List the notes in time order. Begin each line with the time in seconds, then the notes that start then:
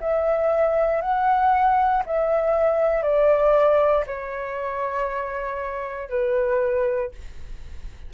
0.00 E5
1.01 F#5
2.06 E5
3.02 D5
4.06 C#5
6.09 B4